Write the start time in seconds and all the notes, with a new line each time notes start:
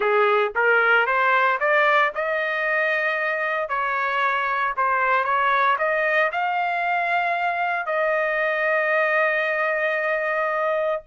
0.00 G#4
0.55 A#4
1.06 C5
1.59 D5
2.15 D#5
3.68 C#5
4.76 C5
5.24 C#5
5.78 D#5
6.32 F5
7.86 D#5